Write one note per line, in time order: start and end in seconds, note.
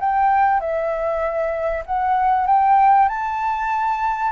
0.00 0.60 G5
0.60 1.84 E5
1.86 2.47 F#5
2.47 3.09 G5
3.09 4.32 A5